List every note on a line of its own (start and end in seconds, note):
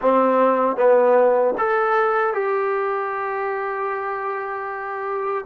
0.01 0.76 C4
0.76 1.54 B3
1.58 2.33 A4
2.33 5.45 G4